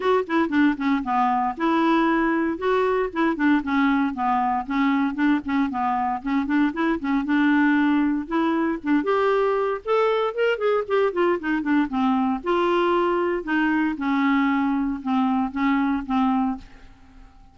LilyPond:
\new Staff \with { instrumentName = "clarinet" } { \time 4/4 \tempo 4 = 116 fis'8 e'8 d'8 cis'8 b4 e'4~ | e'4 fis'4 e'8 d'8 cis'4 | b4 cis'4 d'8 cis'8 b4 | cis'8 d'8 e'8 cis'8 d'2 |
e'4 d'8 g'4. a'4 | ais'8 gis'8 g'8 f'8 dis'8 d'8 c'4 | f'2 dis'4 cis'4~ | cis'4 c'4 cis'4 c'4 | }